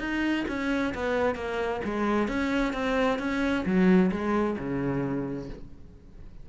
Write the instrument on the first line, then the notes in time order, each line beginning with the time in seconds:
cello
0.00 D#4
0.49 C#4
0.95 B3
1.36 A#3
1.85 G#3
2.28 C#4
2.74 C4
3.19 C#4
3.66 F#3
4.12 G#3
4.59 C#3